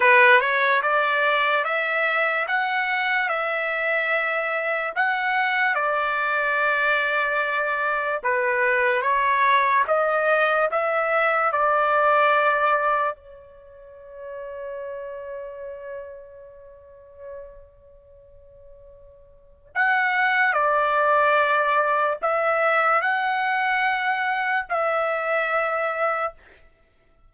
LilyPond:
\new Staff \with { instrumentName = "trumpet" } { \time 4/4 \tempo 4 = 73 b'8 cis''8 d''4 e''4 fis''4 | e''2 fis''4 d''4~ | d''2 b'4 cis''4 | dis''4 e''4 d''2 |
cis''1~ | cis''1 | fis''4 d''2 e''4 | fis''2 e''2 | }